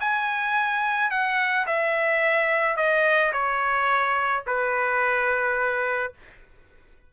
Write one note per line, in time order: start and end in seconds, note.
0.00 1.11 G#5
1.11 1.66 F#5
1.67 2.77 E5
2.77 3.32 D#5
3.33 4.44 C#5
4.46 6.13 B4